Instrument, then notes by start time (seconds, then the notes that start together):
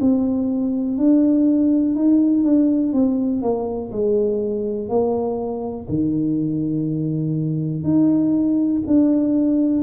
tuba
0.00 C4
0.97 D4
1.95 D#4
2.43 D4
2.93 C4
3.42 A#3
3.92 G#3
4.88 A#3
5.89 D#3
7.83 D#4
8.87 D4